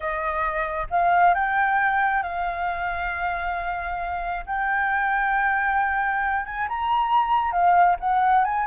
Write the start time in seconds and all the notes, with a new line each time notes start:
0.00 D#5
0.90 F5
1.34 G5
2.22 F5
4.46 G5
6.45 G#5
6.68 A#5
7.51 F5
7.99 F#5
8.44 G#5